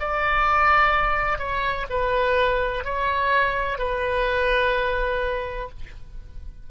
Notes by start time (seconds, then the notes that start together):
0.00 D5
1.39 C#5
1.90 B4
2.85 C#5
3.79 B4